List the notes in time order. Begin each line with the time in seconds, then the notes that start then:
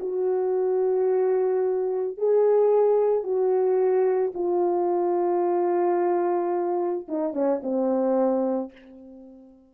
0.00 F#4
2.18 G#4
3.24 F#4
4.34 F4
7.09 D#4
7.34 C#4
7.63 C4